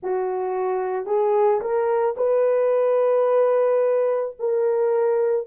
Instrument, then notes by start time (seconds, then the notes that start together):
horn
0.02 F#4
1.06 G#4
1.60 A#4
2.17 B4
4.39 A#4